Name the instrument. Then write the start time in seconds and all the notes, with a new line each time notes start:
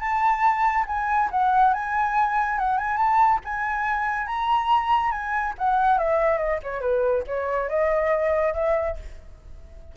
flute
0.00 A5
0.87 G#5
1.31 F#5
1.74 G#5
2.59 F#5
2.78 G#5
2.97 A5
3.44 G#5
4.27 A#5
5.11 G#5
5.58 F#5
5.98 E5
6.38 D#5
6.63 C#5
6.81 B4
7.27 C#5
7.69 D#5
8.54 E5